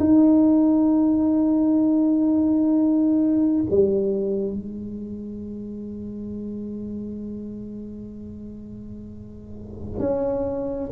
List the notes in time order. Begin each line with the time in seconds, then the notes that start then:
0.00 D#4
3.70 G3
4.54 G#3
10.00 C#4